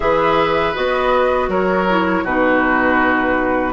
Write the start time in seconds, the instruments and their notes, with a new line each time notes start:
0.00 bassoon E3, clarinet G#4, oboe B4, flute E5
0.74 bassoon B3, clarinet F#4, flute D#5
1.48 bassoon F#3, oboe A#4, flute C#5
1.89 clarinet E4
2.23 bassoon B2, clarinet D#4, oboe F#4, flute B4